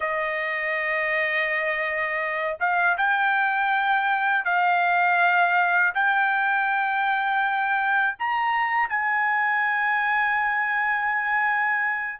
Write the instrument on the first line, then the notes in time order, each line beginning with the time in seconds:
trumpet
0.00 D#5
2.59 F5
2.97 G5
4.44 F5
5.94 G5
8.18 A#5
8.89 G#5